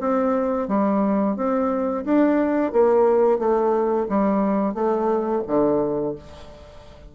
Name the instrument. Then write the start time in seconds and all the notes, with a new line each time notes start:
bassoon
0.00 C4
0.68 G3
1.36 C4
2.05 D4
2.72 A#3
3.38 A3
4.08 G3
4.74 A3
5.47 D3